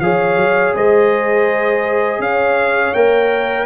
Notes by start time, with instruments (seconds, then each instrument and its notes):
0.00 tuba F3, trombone G#4, horn C#5, trumpet F5
0.36 tuba F#3
0.75 tuba G#3, horn C5, trumpet D#5
2.19 tuba C#4, horn C#5, trumpet F5
2.94 tuba A#3, trombone A#4, trumpet G5